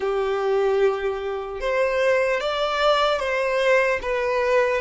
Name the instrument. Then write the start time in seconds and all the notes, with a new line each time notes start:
violin
0.00 G4
1.60 C5
2.40 D5
3.19 C5
4.01 B4